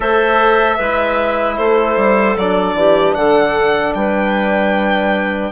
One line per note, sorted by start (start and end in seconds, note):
0.00 0.77 A3
0.00 0.79 A4
0.00 0.77 C5
0.00 1.57 E5
0.77 1.58 G#3
0.77 2.37 E4
0.77 1.56 B4
1.57 1.96 A3
1.57 2.76 A4
1.57 2.36 C5
1.96 2.35 G3
2.36 2.74 F#3
2.36 5.52 D4
2.36 3.14 D5
2.74 3.14 E3
2.74 3.16 G4
3.14 3.94 D3
3.14 3.95 A4
3.14 3.93 F#5
3.94 5.52 G3
3.94 5.52 B4
3.94 5.52 G5